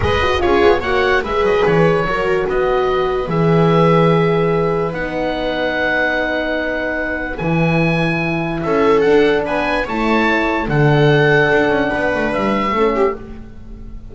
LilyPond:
<<
  \new Staff \with { instrumentName = "oboe" } { \time 4/4 \tempo 4 = 146 dis''4 cis''4 fis''4 e''8 dis''8 | cis''2 dis''2 | e''1 | fis''1~ |
fis''2 gis''2~ | gis''4 e''4 fis''4 gis''4 | a''2 fis''2~ | fis''2 e''2 | }
  \new Staff \with { instrumentName = "viola" } { \time 4/4 b'4 gis'4 cis''4 b'4~ | b'4 ais'4 b'2~ | b'1~ | b'1~ |
b'1~ | b'4 a'2 b'4 | cis''2 a'2~ | a'4 b'2 a'8 g'8 | }
  \new Staff \with { instrumentName = "horn" } { \time 4/4 gis'8 fis'8 f'4 fis'4 gis'4~ | gis'4 fis'2. | gis'1 | dis'1~ |
dis'2 e'2~ | e'2 d'2 | e'2 d'2~ | d'2. cis'4 | }
  \new Staff \with { instrumentName = "double bass" } { \time 4/4 gis4 cis'8 b8 ais4 gis8 fis8 | e4 fis4 b2 | e1 | b1~ |
b2 e2~ | e4 cis'4 d'4 b4 | a2 d2 | d'8 cis'8 b8 a8 g4 a4 | }
>>